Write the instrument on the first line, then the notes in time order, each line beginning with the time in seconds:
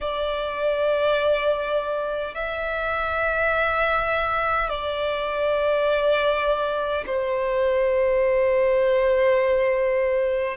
violin
0.00 D5
2.34 E5
4.69 D5
7.06 C5